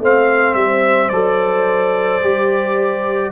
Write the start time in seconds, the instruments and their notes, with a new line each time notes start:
0.00 tuba A3, trombone C4, horn C5, trumpet F5
0.54 tuba G3, trumpet E5
1.09 tuba F#3, trombone A4, trumpet D5
2.22 tuba G3, trombone G4